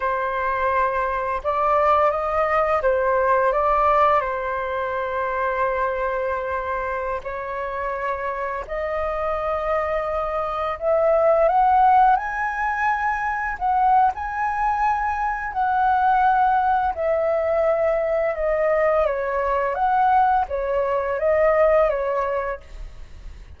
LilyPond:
\new Staff \with { instrumentName = "flute" } { \time 4/4 \tempo 4 = 85 c''2 d''4 dis''4 | c''4 d''4 c''2~ | c''2~ c''16 cis''4.~ cis''16~ | cis''16 dis''2. e''8.~ |
e''16 fis''4 gis''2 fis''8. | gis''2 fis''2 | e''2 dis''4 cis''4 | fis''4 cis''4 dis''4 cis''4 | }